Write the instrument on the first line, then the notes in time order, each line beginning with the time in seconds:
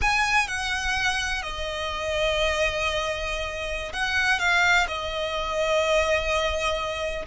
violin
0.01 G#5
0.47 F#5
1.42 D#5
3.93 F#5
4.39 F5
4.87 D#5